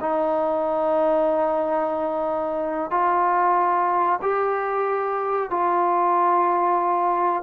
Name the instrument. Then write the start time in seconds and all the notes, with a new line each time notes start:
trombone
0.00 D#4
2.90 F4
4.21 G4
5.50 F4